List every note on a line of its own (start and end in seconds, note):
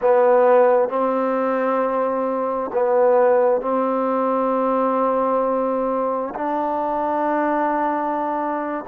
0.01 0.88 B3
0.88 2.70 C4
2.73 3.61 B3
3.61 6.33 C4
6.34 8.84 D4